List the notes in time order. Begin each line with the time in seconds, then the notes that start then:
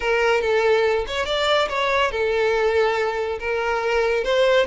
0.00 A#4
0.41 A4
1.07 C#5
1.25 D5
1.68 C#5
2.11 A4
3.39 A#4
4.23 C5